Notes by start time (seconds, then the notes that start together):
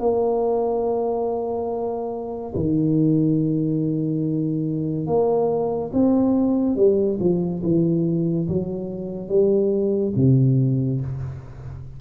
0.00 A#3
2.55 D#3
5.07 A#3
5.93 C4
6.76 G3
7.20 F3
7.63 E3
8.49 F#3
9.28 G3
10.16 C3